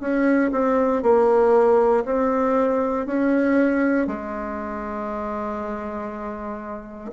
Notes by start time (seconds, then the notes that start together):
0.00 C#4
0.52 C4
1.02 A#3
2.05 C4
3.06 C#4
4.07 G#3